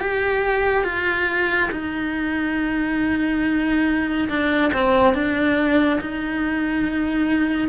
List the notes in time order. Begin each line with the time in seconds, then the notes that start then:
0.00 G4
0.84 F4
1.71 D#4
4.29 D4
4.73 C4
5.14 D4
6.00 D#4